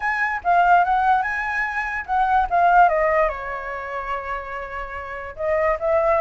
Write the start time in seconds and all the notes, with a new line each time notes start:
0.00 G#5
0.43 F5
0.84 F#5
1.22 G#5
2.06 F#5
2.49 F5
2.88 D#5
3.28 C#5
5.36 D#5
5.79 E5